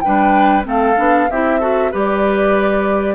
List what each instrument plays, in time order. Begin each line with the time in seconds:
0.00 clarinet D4, oboe B4, flute G5
0.06 bassoon G3
0.63 bassoon A3, clarinet C4, oboe A4, flute F5
0.96 bassoon B3, clarinet D4
1.30 bassoon C4, clarinet E4, oboe G4, flute E5
1.60 clarinet F#4, oboe A4
1.91 bassoon G3, clarinet G4, oboe B4, flute D5